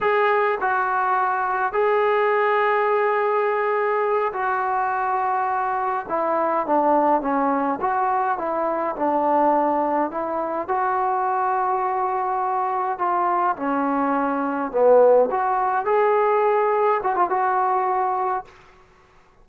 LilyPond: \new Staff \with { instrumentName = "trombone" } { \time 4/4 \tempo 4 = 104 gis'4 fis'2 gis'4~ | gis'2.~ gis'8 fis'8~ | fis'2~ fis'8 e'4 d'8~ | d'8 cis'4 fis'4 e'4 d'8~ |
d'4. e'4 fis'4.~ | fis'2~ fis'8 f'4 cis'8~ | cis'4. b4 fis'4 gis'8~ | gis'4. fis'16 f'16 fis'2 | }